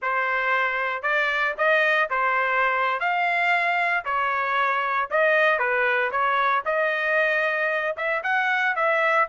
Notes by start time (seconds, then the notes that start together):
0.02 C5
1.02 D5
1.57 D#5
2.10 C5
3.00 F5
4.04 C#5
5.10 D#5
5.58 B4
6.11 C#5
6.65 D#5
7.96 E5
8.23 F#5
8.75 E5